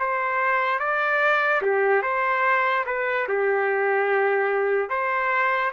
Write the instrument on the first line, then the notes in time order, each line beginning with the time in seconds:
trumpet
0.00 C5
0.80 D5
1.62 G4
2.02 C5
2.86 B4
3.28 G4
4.89 C5